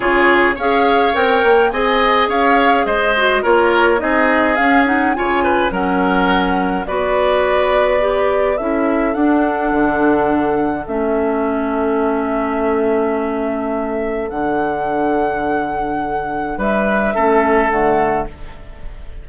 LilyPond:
<<
  \new Staff \with { instrumentName = "flute" } { \time 4/4 \tempo 4 = 105 cis''4 f''4 g''4 gis''4 | f''4 dis''4 cis''4 dis''4 | f''8 fis''8 gis''4 fis''2 | d''2. e''4 |
fis''2. e''4~ | e''1~ | e''4 fis''2.~ | fis''4 e''2 fis''4 | }
  \new Staff \with { instrumentName = "oboe" } { \time 4/4 gis'4 cis''2 dis''4 | cis''4 c''4 ais'4 gis'4~ | gis'4 cis''8 b'8 ais'2 | b'2. a'4~ |
a'1~ | a'1~ | a'1~ | a'4 b'4 a'2 | }
  \new Staff \with { instrumentName = "clarinet" } { \time 4/4 f'4 gis'4 ais'4 gis'4~ | gis'4. fis'8 f'4 dis'4 | cis'8 dis'8 f'4 cis'2 | fis'2 g'4 e'4 |
d'2. cis'4~ | cis'1~ | cis'4 d'2.~ | d'2 cis'4 a4 | }
  \new Staff \with { instrumentName = "bassoon" } { \time 4/4 cis4 cis'4 c'8 ais8 c'4 | cis'4 gis4 ais4 c'4 | cis'4 cis4 fis2 | b2. cis'4 |
d'4 d2 a4~ | a1~ | a4 d2.~ | d4 g4 a4 d4 | }
>>